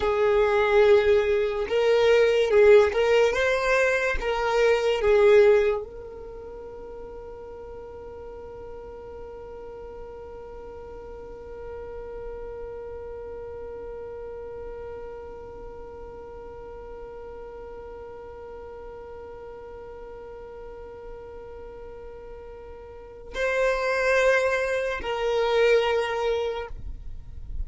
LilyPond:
\new Staff \with { instrumentName = "violin" } { \time 4/4 \tempo 4 = 72 gis'2 ais'4 gis'8 ais'8 | c''4 ais'4 gis'4 ais'4~ | ais'1~ | ais'1~ |
ais'1~ | ais'1~ | ais'1 | c''2 ais'2 | }